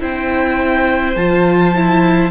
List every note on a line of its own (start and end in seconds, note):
0.00 1.16 C4
0.00 1.15 E4
0.00 2.31 C5
0.00 1.16 G5
1.16 2.31 F3
1.16 1.75 F4
1.16 2.31 A5
1.75 2.31 E4